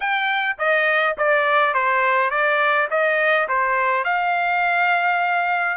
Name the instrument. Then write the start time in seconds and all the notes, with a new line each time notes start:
trumpet
0.00 G5
0.58 D#5
1.17 D5
1.73 C5
2.30 D5
2.90 D#5
3.48 C5
4.04 F5